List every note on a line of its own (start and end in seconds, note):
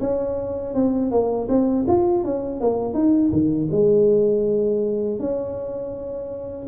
0.00 0.74 C#4
0.74 1.11 C4
1.11 1.48 A#3
1.48 1.86 C4
1.88 2.24 F4
2.24 2.61 C#4
2.61 2.94 A#3
2.94 3.31 D#4
3.32 3.69 D#3
3.71 5.20 G#3
5.20 6.68 C#4